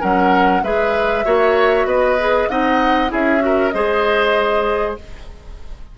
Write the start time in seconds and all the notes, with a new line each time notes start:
0.00 F#3 C#4 A#4 F#5
0.63 G#3 G#4 B4 E5
1.25 A#3 F#4 C#5
1.85 B3 B4 D#5
2.20 G#4
2.49 C4 D#4 D#5 F#5
3.08 C#4 E4 G#4 E5
3.40 F#4 A#4
3.70 G#3 G#4 C5 D#5